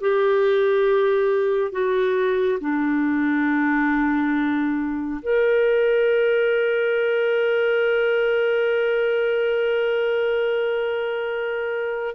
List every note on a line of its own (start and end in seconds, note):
0.00 1.72 G4
1.72 2.58 F#4
2.60 5.21 D4
5.22 12.15 A#4